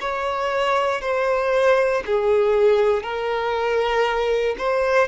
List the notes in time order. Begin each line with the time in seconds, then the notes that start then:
0.00 C#5
1.01 C5
2.06 G#4
3.03 A#4
4.58 C5